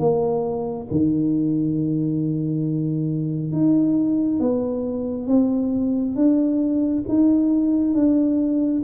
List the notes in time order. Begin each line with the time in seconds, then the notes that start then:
0.00 A#3
0.91 D#3
3.53 D#4
4.40 B3
5.27 C4
6.16 D4
7.09 D#4
7.95 D4